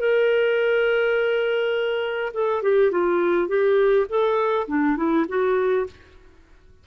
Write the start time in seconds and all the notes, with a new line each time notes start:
0.00 A#4
2.34 A4
2.63 G4
2.92 F4
3.48 G4
4.09 A4
4.68 D4
4.97 E4
5.29 F#4